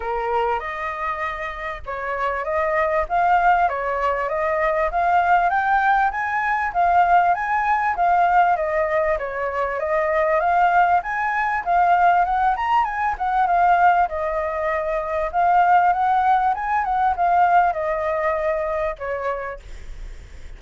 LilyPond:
\new Staff \with { instrumentName = "flute" } { \time 4/4 \tempo 4 = 98 ais'4 dis''2 cis''4 | dis''4 f''4 cis''4 dis''4 | f''4 g''4 gis''4 f''4 | gis''4 f''4 dis''4 cis''4 |
dis''4 f''4 gis''4 f''4 | fis''8 ais''8 gis''8 fis''8 f''4 dis''4~ | dis''4 f''4 fis''4 gis''8 fis''8 | f''4 dis''2 cis''4 | }